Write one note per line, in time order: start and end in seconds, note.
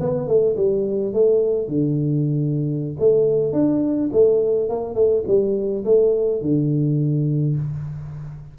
0.00 0.28 B3
0.28 0.56 A3
0.57 1.13 G3
1.13 1.68 A3
1.68 2.96 D3
2.99 3.53 A3
3.53 4.10 D4
4.12 4.69 A3
4.69 4.95 A#3
4.95 5.24 A3
5.28 5.85 G3
5.85 6.42 A3
6.42 7.56 D3